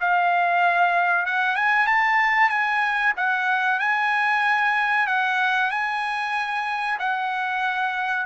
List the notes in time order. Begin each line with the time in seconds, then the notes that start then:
0.00 F5
1.26 F#5
1.55 G#5
1.86 A5
2.49 G#5
3.16 F#5
3.79 G#5
5.07 F#5
5.70 G#5
6.99 F#5